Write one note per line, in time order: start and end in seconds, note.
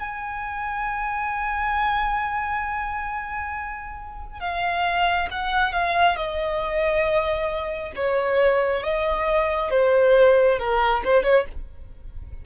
0.00 4.40 G#5
4.40 5.29 F5
5.31 5.73 F#5
5.73 6.17 F5
6.17 7.93 D#5
7.96 8.84 C#5
8.84 9.71 D#5
9.71 10.59 C5
10.59 11.03 A#4
11.05 11.23 C5
11.23 11.45 C#5